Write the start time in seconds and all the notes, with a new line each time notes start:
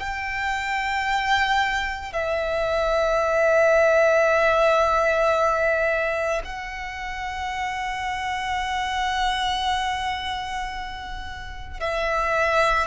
0.00 G5
2.13 E5
6.45 F#5
11.81 E5